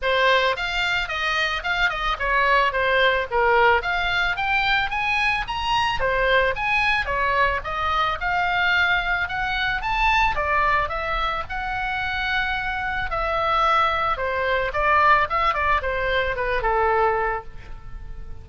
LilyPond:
\new Staff \with { instrumentName = "oboe" } { \time 4/4 \tempo 4 = 110 c''4 f''4 dis''4 f''8 dis''8 | cis''4 c''4 ais'4 f''4 | g''4 gis''4 ais''4 c''4 | gis''4 cis''4 dis''4 f''4~ |
f''4 fis''4 a''4 d''4 | e''4 fis''2. | e''2 c''4 d''4 | e''8 d''8 c''4 b'8 a'4. | }